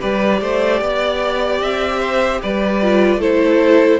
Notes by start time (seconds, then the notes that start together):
0.00 G3 G4 B4 D5
0.41 A3 C5
0.80 B3 D5
1.61 C4 E5
2.00 C5
2.42 G3 B4 D5
2.82 F4
3.16 A3 E4 A4 C5